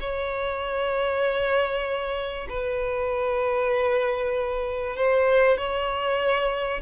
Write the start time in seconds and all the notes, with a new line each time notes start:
0.00 C#5
2.49 B4
4.96 C5
5.57 C#5